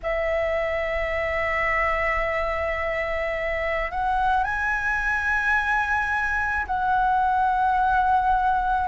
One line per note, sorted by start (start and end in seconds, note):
0.03 3.91 E5
3.91 4.43 F#5
4.43 6.66 G#5
6.66 8.88 F#5